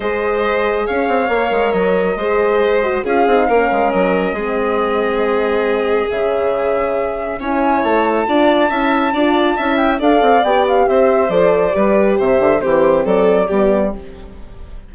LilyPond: <<
  \new Staff \with { instrumentName = "flute" } { \time 4/4 \tempo 4 = 138 dis''2 f''2 | dis''2. f''4~ | f''4 dis''2.~ | dis''2 e''2~ |
e''4 gis''4 a''2~ | a''2~ a''8 g''8 f''4 | g''8 f''8 e''4 d''2 | e''4 c''4 d''2 | }
  \new Staff \with { instrumentName = "violin" } { \time 4/4 c''2 cis''2~ | cis''4 c''2 gis'4 | ais'2 gis'2~ | gis'1~ |
gis'4 cis''2 d''4 | e''4 d''4 e''4 d''4~ | d''4 c''2 b'4 | c''4 g'4 a'4 g'4 | }
  \new Staff \with { instrumentName = "horn" } { \time 4/4 gis'2. ais'4~ | ais'4 gis'4. fis'8 f'8 dis'8 | cis'2 c'2~ | c'2 cis'2~ |
cis'4 e'2 f'4 | e'4 f'4 e'4 a'4 | g'2 a'4 g'4~ | g'4 c'2 b4 | }
  \new Staff \with { instrumentName = "bassoon" } { \time 4/4 gis2 cis'8 c'8 ais8 gis8 | fis4 gis2 cis'8 c'8 | ais8 gis8 fis4 gis2~ | gis2 cis2~ |
cis4 cis'4 a4 d'4 | cis'4 d'4 cis'4 d'8 c'8 | b4 c'4 f4 g4 | c8 d8 e4 fis4 g4 | }
>>